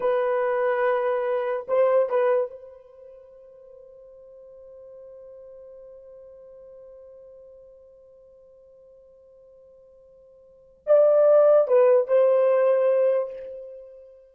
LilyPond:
\new Staff \with { instrumentName = "horn" } { \time 4/4 \tempo 4 = 144 b'1 | c''4 b'4 c''2~ | c''1~ | c''1~ |
c''1~ | c''1~ | c''2 d''2 | b'4 c''2. | }